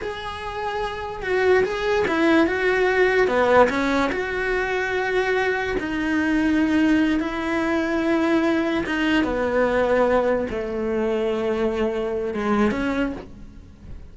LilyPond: \new Staff \with { instrumentName = "cello" } { \time 4/4 \tempo 4 = 146 gis'2. fis'4 | gis'4 e'4 fis'2 | b4 cis'4 fis'2~ | fis'2 dis'2~ |
dis'4. e'2~ e'8~ | e'4. dis'4 b4.~ | b4. a2~ a8~ | a2 gis4 cis'4 | }